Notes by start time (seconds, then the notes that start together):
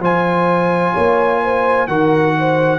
0.00 F3 F4 C5 G#5
0.94 A#3 C#5
1.43 C5
1.88 D#3 F#4 A#4 F#5
2.39 C5